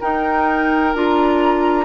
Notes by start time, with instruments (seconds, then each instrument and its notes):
0.00 clarinet D#4, bassoon D#4, oboe A#4, flute G5
0.93 bassoon D4, clarinet F4, flute A#5